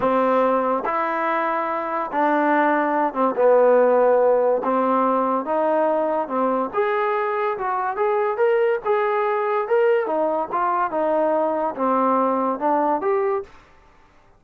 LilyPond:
\new Staff \with { instrumentName = "trombone" } { \time 4/4 \tempo 4 = 143 c'2 e'2~ | e'4 d'2~ d'8 c'8 | b2. c'4~ | c'4 dis'2 c'4 |
gis'2 fis'4 gis'4 | ais'4 gis'2 ais'4 | dis'4 f'4 dis'2 | c'2 d'4 g'4 | }